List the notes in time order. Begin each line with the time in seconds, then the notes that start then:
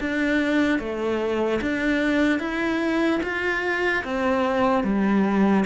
0.00 D4
0.79 A3
1.61 D4
2.40 E4
3.23 F4
4.04 C4
4.84 G3